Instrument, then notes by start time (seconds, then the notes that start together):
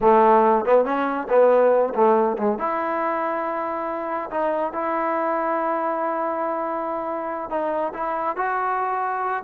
trombone
0.01 A3
0.65 B3
0.84 C#4
1.29 B3
1.94 A3
2.37 G#3
2.58 E4
4.30 D#4
4.72 E4
7.49 D#4
7.93 E4
8.36 F#4